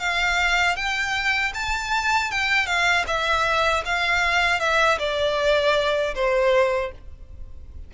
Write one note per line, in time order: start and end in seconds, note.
0.00 0.77 F5
0.77 1.53 G5
1.55 2.31 A5
2.31 2.67 G5
2.67 3.05 F5
3.07 3.84 E5
3.85 4.60 F5
4.60 4.99 E5
4.99 6.15 D5
6.15 6.92 C5